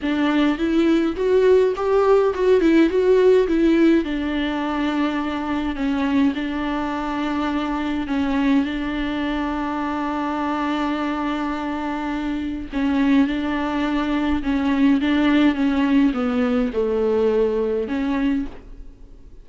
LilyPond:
\new Staff \with { instrumentName = "viola" } { \time 4/4 \tempo 4 = 104 d'4 e'4 fis'4 g'4 | fis'8 e'8 fis'4 e'4 d'4~ | d'2 cis'4 d'4~ | d'2 cis'4 d'4~ |
d'1~ | d'2 cis'4 d'4~ | d'4 cis'4 d'4 cis'4 | b4 a2 cis'4 | }